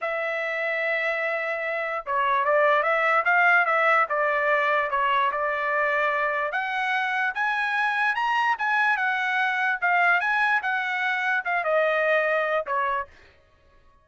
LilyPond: \new Staff \with { instrumentName = "trumpet" } { \time 4/4 \tempo 4 = 147 e''1~ | e''4 cis''4 d''4 e''4 | f''4 e''4 d''2 | cis''4 d''2. |
fis''2 gis''2 | ais''4 gis''4 fis''2 | f''4 gis''4 fis''2 | f''8 dis''2~ dis''8 cis''4 | }